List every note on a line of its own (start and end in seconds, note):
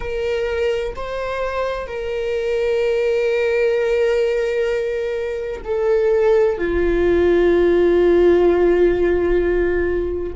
0.00 0.94 A#4
0.95 1.86 C5
1.86 5.61 A#4
5.64 6.58 A4
6.58 10.33 F4